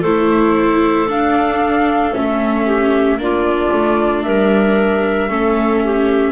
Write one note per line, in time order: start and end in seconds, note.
0.00 1.08 A3
0.00 1.08 E4
0.00 2.63 A4
0.00 1.08 C5
1.08 2.13 D4
1.08 2.14 F5
2.14 3.17 A3
2.14 3.18 C#4
2.14 3.19 E5
2.66 3.18 G4
3.17 3.70 A#3
3.17 5.29 D4
3.17 4.25 F4
3.17 4.23 D5
3.73 4.25 A3
4.23 5.29 G3
4.23 5.30 A#4
4.23 6.32 E5
5.29 6.32 A3
5.29 6.32 C#4
5.29 5.82 A4
5.84 6.32 G4